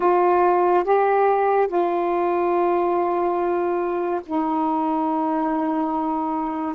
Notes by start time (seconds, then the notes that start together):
0.00 F4
0.83 G4
1.67 F4
4.26 D#4